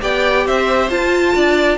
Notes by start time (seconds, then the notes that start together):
0.00 B3 G4 D5 G5
0.46 C4 C5 E5
0.90 F4 A5
1.35 D4 D5